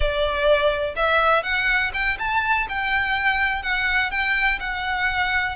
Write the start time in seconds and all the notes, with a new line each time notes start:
0.00 D5
0.96 E5
1.43 F#5
1.93 G5
2.19 A5
2.69 G5
3.62 F#5
4.10 G5
4.60 F#5